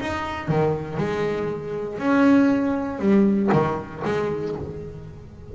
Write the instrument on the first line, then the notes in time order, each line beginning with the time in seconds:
double bass
0.00 D#4
0.47 D#3
0.97 G#3
1.98 C#4
2.99 G3
3.52 D#3
4.05 G#3